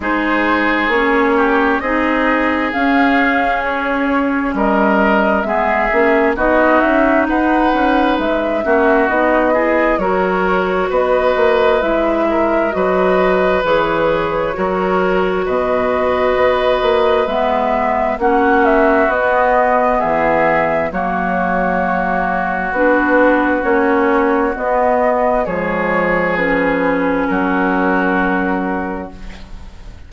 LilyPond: <<
  \new Staff \with { instrumentName = "flute" } { \time 4/4 \tempo 4 = 66 c''4 cis''4 dis''4 f''4 | cis''4 dis''4 e''4 dis''8 e''8 | fis''4 e''4 dis''4 cis''4 | dis''4 e''4 dis''4 cis''4~ |
cis''4 dis''2 e''4 | fis''8 e''8 dis''4 e''4 cis''4~ | cis''4 b'4 cis''4 dis''4 | cis''4 b'4 ais'2 | }
  \new Staff \with { instrumentName = "oboe" } { \time 4/4 gis'4. g'8 gis'2~ | gis'4 ais'4 gis'4 fis'4 | b'4. fis'4 gis'8 ais'4 | b'4. ais'8 b'2 |
ais'4 b'2. | fis'2 gis'4 fis'4~ | fis'1 | gis'2 fis'2 | }
  \new Staff \with { instrumentName = "clarinet" } { \time 4/4 dis'4 cis'4 dis'4 cis'4~ | cis'2 b8 cis'8 dis'4~ | dis'4. cis'8 dis'8 e'8 fis'4~ | fis'4 e'4 fis'4 gis'4 |
fis'2. b4 | cis'4 b2 ais4~ | ais4 d'4 cis'4 b4 | gis4 cis'2. | }
  \new Staff \with { instrumentName = "bassoon" } { \time 4/4 gis4 ais4 c'4 cis'4~ | cis'4 g4 gis8 ais8 b8 cis'8 | dis'8 cis'8 gis8 ais8 b4 fis4 | b8 ais8 gis4 fis4 e4 |
fis4 b,4 b8 ais8 gis4 | ais4 b4 e4 fis4~ | fis4 b4 ais4 b4 | f2 fis2 | }
>>